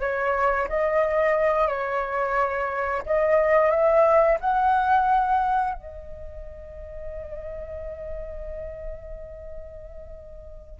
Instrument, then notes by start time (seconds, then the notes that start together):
flute
0.00 C#5
0.68 D#5
1.67 C#5
3.06 D#5
3.70 E5
4.40 F#5
5.74 D#5